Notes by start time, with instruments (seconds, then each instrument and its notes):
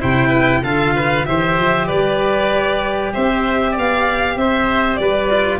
0.00 tuba C3, cello E4, oboe C5, violin G5
0.29 oboe B4
0.63 tuba D3, cello F4, oboe A4, violin F5
0.96 oboe B4
1.26 tuba E3, cello G4, oboe C5, violin E5
1.58 tuba F3
1.88 tuba G3, oboe B4, violin D5
3.13 tuba C4, oboe C5, violin E5
3.72 oboe D5
3.78 tuba B3, violin F5
4.36 tuba C4, oboe C5, violin E5
4.96 tuba G3, oboe B4, violin D5
5.30 cello F4